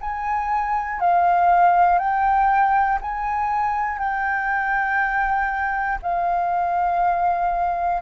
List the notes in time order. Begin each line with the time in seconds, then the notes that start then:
0.00 G#5
1.00 F5
1.99 G5
3.01 G#5
3.98 G5
6.02 F5